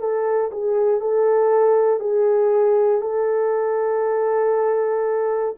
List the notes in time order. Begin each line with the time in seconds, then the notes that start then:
0.00 A4
0.52 G#4
1.01 A4
2.00 G#4
3.02 A4